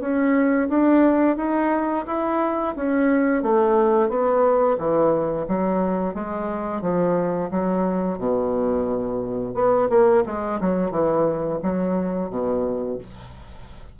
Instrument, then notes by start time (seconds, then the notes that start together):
bassoon
0.00 C#4
0.69 D4
1.37 D#4
2.07 E4
2.76 C#4
3.43 A3
4.09 B3
4.78 E3
5.48 F#3
6.14 G#3
6.82 F3
7.51 F#3
8.18 B2
9.55 B3
9.90 A#3
10.26 G#3
10.61 F#3
10.91 E3
11.62 F#3
12.30 B2